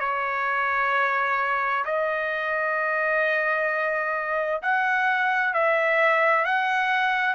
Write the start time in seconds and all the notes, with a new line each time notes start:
0.00 C#5
1.85 D#5
4.62 F#5
5.54 E5
6.45 F#5